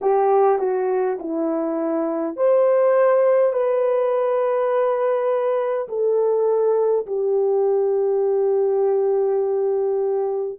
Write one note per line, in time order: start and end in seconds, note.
0.01 0.59 G4
0.59 1.18 F#4
1.19 2.36 E4
2.36 3.52 C5
3.52 5.88 B4
5.88 7.06 A4
7.06 10.59 G4